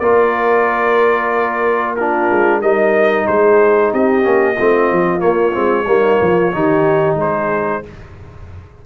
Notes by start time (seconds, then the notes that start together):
0.00 A#3 F4 A#4 D5
1.96 D4 F4 A#4
2.31 G#3
2.60 G3 D#4 A#4 D#5
3.27 G#3 G#4 C5
3.92 C4 G4 D#5
4.23 A#3 C#4
4.55 A3 C4 F4
4.92 F3
5.19 A#3 C#5
5.53 G#3 C4
5.86 G3 A#3 D#4
6.22 F3 F4
6.53 D#3 D#4 G4
7.16 G#3 G#4 C5